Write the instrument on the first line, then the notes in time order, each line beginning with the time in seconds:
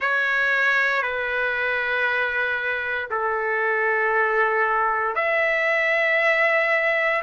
trumpet
0.00 C#5
1.02 B4
3.10 A4
5.14 E5